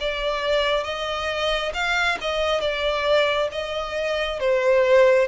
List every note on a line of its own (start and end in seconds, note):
0.00 0.83 D5
0.83 1.72 D#5
1.73 2.17 F5
2.21 2.60 D#5
2.60 3.48 D5
3.51 4.39 D#5
4.39 5.27 C5